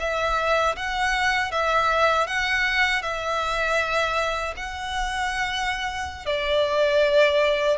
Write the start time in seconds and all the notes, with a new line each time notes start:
0.00 E5
0.76 F#5
1.52 E5
2.28 F#5
3.03 E5
4.57 F#5
6.26 D5